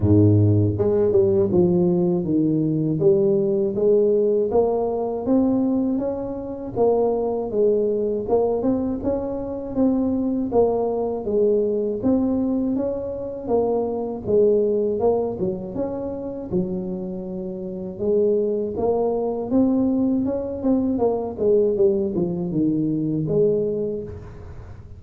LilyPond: \new Staff \with { instrumentName = "tuba" } { \time 4/4 \tempo 4 = 80 gis,4 gis8 g8 f4 dis4 | g4 gis4 ais4 c'4 | cis'4 ais4 gis4 ais8 c'8 | cis'4 c'4 ais4 gis4 |
c'4 cis'4 ais4 gis4 | ais8 fis8 cis'4 fis2 | gis4 ais4 c'4 cis'8 c'8 | ais8 gis8 g8 f8 dis4 gis4 | }